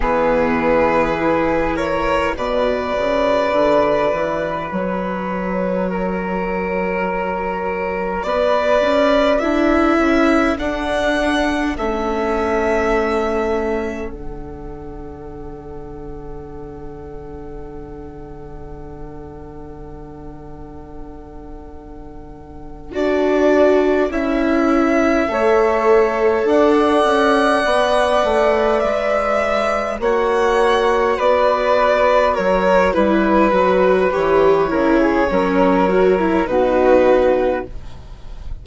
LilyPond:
<<
  \new Staff \with { instrumentName = "violin" } { \time 4/4 \tempo 4 = 51 b'4. cis''8 d''2 | cis''2. d''4 | e''4 fis''4 e''2 | fis''1~ |
fis''2.~ fis''8 d''8~ | d''8 e''2 fis''4.~ | fis''8 e''4 fis''4 d''4 cis''8 | b'4 cis''2 b'4 | }
  \new Staff \with { instrumentName = "flute" } { \time 4/4 gis'4. ais'8 b'2~ | b'4 ais'2 b'4 | a'1~ | a'1~ |
a'1~ | a'4. cis''4 d''4.~ | d''4. cis''4 b'4 ais'8 | b'4. ais'16 gis'16 ais'4 fis'4 | }
  \new Staff \with { instrumentName = "viola" } { \time 4/4 b4 e'4 fis'2~ | fis'1 | e'4 d'4 cis'2 | d'1~ |
d'2.~ d'8 fis'8~ | fis'8 e'4 a'2 b'8~ | b'4. fis'2~ fis'8 | e'8 fis'8 g'8 e'8 cis'8 fis'16 e'16 dis'4 | }
  \new Staff \with { instrumentName = "bassoon" } { \time 4/4 e2 b,8 cis8 d8 e8 | fis2. b8 cis'8 | d'8 cis'8 d'4 a2 | d1~ |
d2.~ d8 d'8~ | d'8 cis'4 a4 d'8 cis'8 b8 | a8 gis4 ais4 b4 fis8 | g8 fis8 e8 cis8 fis4 b,4 | }
>>